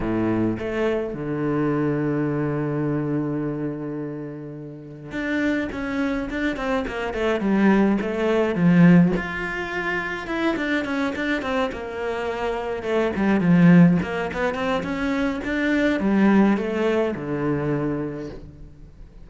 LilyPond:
\new Staff \with { instrumentName = "cello" } { \time 4/4 \tempo 4 = 105 a,4 a4 d2~ | d1~ | d4 d'4 cis'4 d'8 c'8 | ais8 a8 g4 a4 f4 |
f'2 e'8 d'8 cis'8 d'8 | c'8 ais2 a8 g8 f8~ | f8 ais8 b8 c'8 cis'4 d'4 | g4 a4 d2 | }